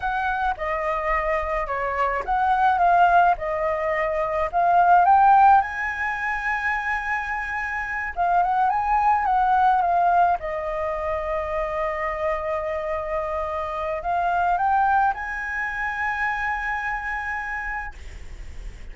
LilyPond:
\new Staff \with { instrumentName = "flute" } { \time 4/4 \tempo 4 = 107 fis''4 dis''2 cis''4 | fis''4 f''4 dis''2 | f''4 g''4 gis''2~ | gis''2~ gis''8 f''8 fis''8 gis''8~ |
gis''8 fis''4 f''4 dis''4.~ | dis''1~ | dis''4 f''4 g''4 gis''4~ | gis''1 | }